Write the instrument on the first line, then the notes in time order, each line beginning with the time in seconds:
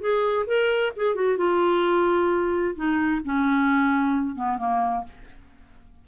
clarinet
0.00 G#4
0.47 A#4
0.96 G#4
1.15 F#4
1.38 F4
2.76 D#4
3.24 C#4
4.35 B3
4.58 A#3